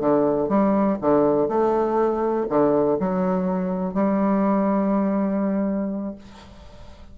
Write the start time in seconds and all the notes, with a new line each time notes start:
0.00 D3
0.49 G3
1.01 D3
1.48 A3
2.49 D3
2.99 F#3
3.94 G3